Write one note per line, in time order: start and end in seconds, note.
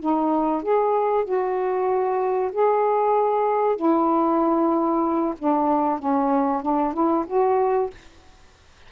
0.00 0.63 D#4
0.63 1.25 G#4
1.25 2.51 F#4
2.52 3.76 G#4
3.76 5.34 E4
5.39 5.99 D4
5.99 6.62 C#4
6.62 6.94 D4
6.94 7.25 E4
7.27 7.90 F#4